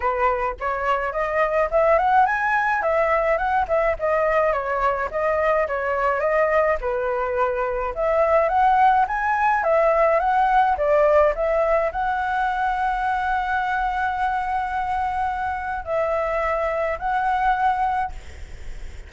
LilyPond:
\new Staff \with { instrumentName = "flute" } { \time 4/4 \tempo 4 = 106 b'4 cis''4 dis''4 e''8 fis''8 | gis''4 e''4 fis''8 e''8 dis''4 | cis''4 dis''4 cis''4 dis''4 | b'2 e''4 fis''4 |
gis''4 e''4 fis''4 d''4 | e''4 fis''2.~ | fis''1 | e''2 fis''2 | }